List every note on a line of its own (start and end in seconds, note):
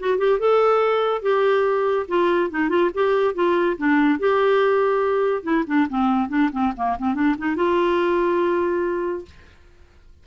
0.00 0.18 F#4
0.18 0.39 G4
0.39 1.22 A4
1.22 2.07 G4
2.08 2.51 F4
2.51 2.69 D#4
2.69 2.91 F4
2.94 3.35 G4
3.35 3.77 F4
3.78 4.20 D4
4.20 5.44 G4
5.44 5.65 E4
5.67 5.88 D4
5.89 6.29 C4
6.29 6.50 D4
6.52 6.73 C4
6.76 6.98 A#3
6.99 7.15 C4
7.15 7.36 D4
7.38 7.56 D#4
7.56 9.25 F4